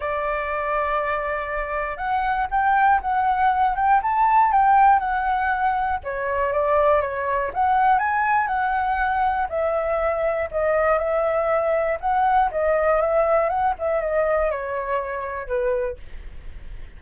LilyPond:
\new Staff \with { instrumentName = "flute" } { \time 4/4 \tempo 4 = 120 d''1 | fis''4 g''4 fis''4. g''8 | a''4 g''4 fis''2 | cis''4 d''4 cis''4 fis''4 |
gis''4 fis''2 e''4~ | e''4 dis''4 e''2 | fis''4 dis''4 e''4 fis''8 e''8 | dis''4 cis''2 b'4 | }